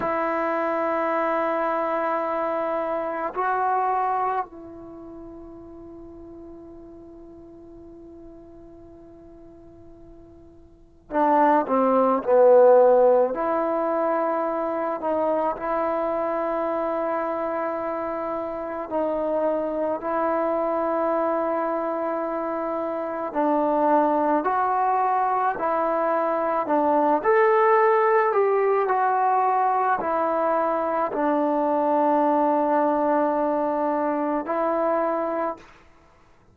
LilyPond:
\new Staff \with { instrumentName = "trombone" } { \time 4/4 \tempo 4 = 54 e'2. fis'4 | e'1~ | e'2 d'8 c'8 b4 | e'4. dis'8 e'2~ |
e'4 dis'4 e'2~ | e'4 d'4 fis'4 e'4 | d'8 a'4 g'8 fis'4 e'4 | d'2. e'4 | }